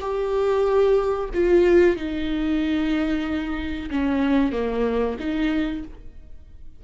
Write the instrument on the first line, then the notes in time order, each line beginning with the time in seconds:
viola
0.00 G4
1.33 F4
1.96 D#4
3.90 C#4
4.52 A#3
5.19 D#4